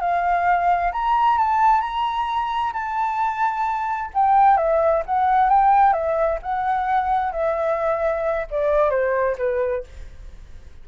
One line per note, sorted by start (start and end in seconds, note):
0.00 0.92 F5
0.92 1.37 A#5
1.37 1.81 A5
1.81 2.73 A#5
2.73 4.10 A5
4.14 4.57 G5
4.57 5.02 E5
5.05 5.49 F#5
5.49 5.93 G5
5.93 6.39 E5
6.42 7.32 F#5
7.32 8.46 E5
8.50 8.90 D5
8.90 9.36 C5
9.38 9.83 B4